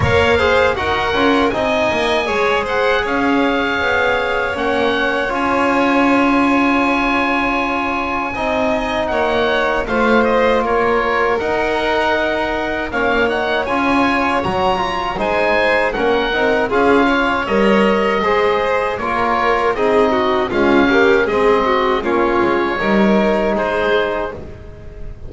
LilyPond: <<
  \new Staff \with { instrumentName = "oboe" } { \time 4/4 \tempo 4 = 79 f''4 fis''4 gis''4. fis''8 | f''2 fis''4 gis''4~ | gis''1 | fis''4 f''8 dis''8 cis''4 fis''4~ |
fis''4 f''8 fis''8 gis''4 ais''4 | gis''4 fis''4 f''4 dis''4~ | dis''4 cis''4 dis''4 f''4 | dis''4 cis''2 c''4 | }
  \new Staff \with { instrumentName = "violin" } { \time 4/4 cis''8 c''8 ais'4 dis''4 cis''8 c''8 | cis''1~ | cis''2. dis''4 | cis''4 c''4 ais'2~ |
ais'4 cis''2. | c''4 ais'4 gis'8 cis''4. | c''4 ais'4 gis'8 fis'8 f'8 g'8 | gis'8 fis'8 f'4 ais'4 gis'4 | }
  \new Staff \with { instrumentName = "trombone" } { \time 4/4 ais'8 gis'8 fis'8 f'8 dis'4 gis'4~ | gis'2 cis'4 f'4~ | f'2. dis'4~ | dis'4 f'2 dis'4~ |
dis'4 cis'8 dis'8 f'4 fis'8 f'8 | dis'4 cis'8 dis'8 f'4 ais'4 | gis'4 f'4 dis'4 gis8 ais8 | c'4 cis'4 dis'2 | }
  \new Staff \with { instrumentName = "double bass" } { \time 4/4 ais4 dis'8 cis'8 c'8 ais8 gis4 | cis'4 b4 ais4 cis'4~ | cis'2. c'4 | ais4 a4 ais4 dis'4~ |
dis'4 ais4 cis'4 fis4 | gis4 ais8 c'8 cis'4 g4 | gis4 ais4 c'4 cis'4 | gis4 ais8 gis8 g4 gis4 | }
>>